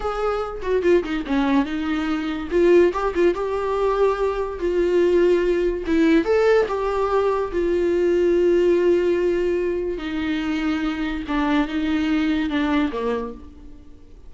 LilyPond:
\new Staff \with { instrumentName = "viola" } { \time 4/4 \tempo 4 = 144 gis'4. fis'8 f'8 dis'8 cis'4 | dis'2 f'4 g'8 f'8 | g'2. f'4~ | f'2 e'4 a'4 |
g'2 f'2~ | f'1 | dis'2. d'4 | dis'2 d'4 ais4 | }